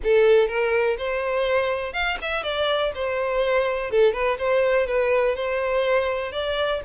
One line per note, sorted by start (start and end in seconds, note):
0.03 0.48 A4
0.48 0.96 A#4
0.98 1.93 C5
1.93 2.17 F5
2.21 2.43 E5
2.43 2.91 D5
2.94 3.90 C5
3.90 4.13 A4
4.13 4.37 B4
4.38 4.86 C5
4.86 5.35 B4
5.35 6.32 C5
6.32 6.80 D5